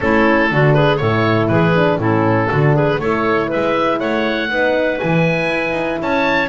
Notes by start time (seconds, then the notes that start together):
0.00 A3 C#4 E4 A4
0.50 D3 D4 F#4
0.74 G#4 B4
0.96 A2 E4 A4 C#5
1.48 E3 G#4 B4
1.75 D4
1.98 A2 C#4 E4 A4
2.49 D3 D4 F#4
2.74 G#4 B4
2.98 A3 E4 A4 C#5
3.47 B4 E5
3.53 G#3
3.99 A3 C#5 F#5
4.49 B3 D#4 B4
4.99 E3 E4 G#5
5.50 E4
5.72 D#4
6.01 C#4 C#5 A5